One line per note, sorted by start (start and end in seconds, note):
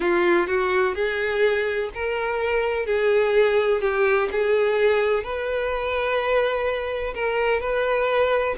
0.00 0.47 F4
0.47 0.95 F#4
0.95 1.90 G#4
1.94 2.85 A#4
2.85 3.81 G#4
3.81 4.28 G4
4.31 5.23 G#4
5.23 7.14 B4
7.14 7.60 A#4
7.60 8.55 B4